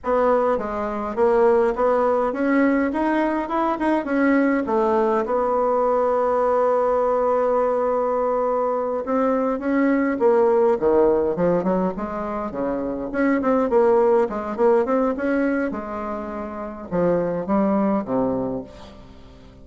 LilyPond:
\new Staff \with { instrumentName = "bassoon" } { \time 4/4 \tempo 4 = 103 b4 gis4 ais4 b4 | cis'4 dis'4 e'8 dis'8 cis'4 | a4 b2.~ | b2.~ b8 c'8~ |
c'8 cis'4 ais4 dis4 f8 | fis8 gis4 cis4 cis'8 c'8 ais8~ | ais8 gis8 ais8 c'8 cis'4 gis4~ | gis4 f4 g4 c4 | }